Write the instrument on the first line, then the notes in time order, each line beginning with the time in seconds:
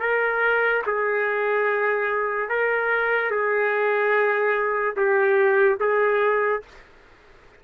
trumpet
0.00 A#4
0.87 G#4
2.49 A#4
3.31 G#4
4.96 G4
5.80 G#4